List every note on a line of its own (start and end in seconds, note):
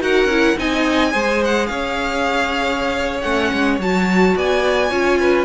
0.00 0.25 D#4
0.00 0.29 F#4
0.00 0.58 A#4
0.00 0.59 F#5
0.25 0.53 C#4
0.25 0.57 E4
0.57 1.14 C4
0.57 1.12 D#4
0.57 1.12 D#5
0.57 1.43 G#5
1.12 1.70 G#3
1.12 3.22 G#4
1.12 1.68 C5
1.44 1.66 F#5
1.66 3.24 C#4
1.66 4.37 C#5
1.66 3.20 F5
3.21 3.52 A3
3.21 3.80 C#4
3.21 3.78 F#5
3.52 3.79 G#3
3.79 4.35 F#3
3.79 4.90 F#4
3.79 4.38 A5
4.36 4.91 B3
4.36 4.91 D5
4.36 5.45 G#5
4.90 5.45 C#4
4.90 5.45 F4
4.90 5.19 C#5
5.19 5.45 B4